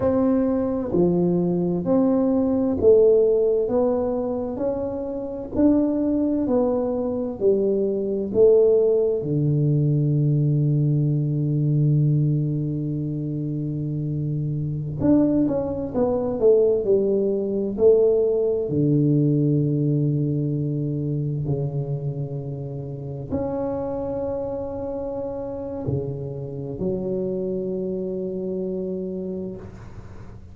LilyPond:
\new Staff \with { instrumentName = "tuba" } { \time 4/4 \tempo 4 = 65 c'4 f4 c'4 a4 | b4 cis'4 d'4 b4 | g4 a4 d2~ | d1~ |
d16 d'8 cis'8 b8 a8 g4 a8.~ | a16 d2. cis8.~ | cis4~ cis16 cis'2~ cis'8. | cis4 fis2. | }